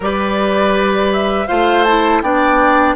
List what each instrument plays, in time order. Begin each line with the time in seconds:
0.00 bassoon G3, clarinet G4, oboe B4, flute D5
1.12 flute E5
1.47 bassoon A3, clarinet F4, oboe C5, flute F5
1.84 clarinet E4, flute A5
2.21 bassoon B3, clarinet D4, oboe D5, flute G5